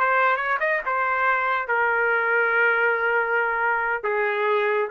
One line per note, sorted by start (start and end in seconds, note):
0.00 0.37 C5
0.37 0.58 C#5
0.60 0.82 D#5
0.86 1.68 C5
1.68 4.04 A#4
4.04 4.89 G#4